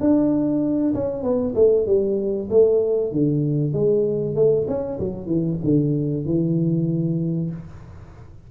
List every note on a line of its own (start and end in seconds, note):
0.00 0.94 D4
0.94 1.23 C#4
1.23 1.54 B3
1.55 1.86 A3
1.86 2.49 G3
2.50 3.12 A3
3.12 3.73 D3
3.73 4.35 G#3
4.36 4.67 A3
4.68 4.99 C#4
4.99 5.26 F#3
5.26 5.58 E3
5.64 6.25 D3
6.25 7.50 E3